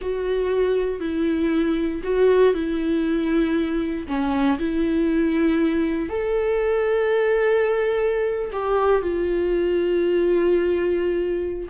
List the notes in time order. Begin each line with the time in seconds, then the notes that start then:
0.01 F#4
1.00 E4
2.03 F#4
2.54 E4
4.07 C#4
4.58 E4
6.09 A4
8.52 G4
9.02 F4